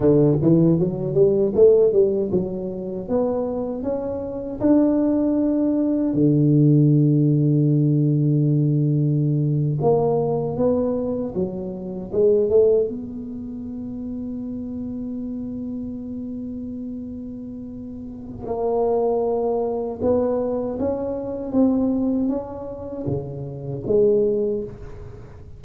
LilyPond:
\new Staff \with { instrumentName = "tuba" } { \time 4/4 \tempo 4 = 78 d8 e8 fis8 g8 a8 g8 fis4 | b4 cis'4 d'2 | d1~ | d8. ais4 b4 fis4 gis16~ |
gis16 a8 b2.~ b16~ | b1 | ais2 b4 cis'4 | c'4 cis'4 cis4 gis4 | }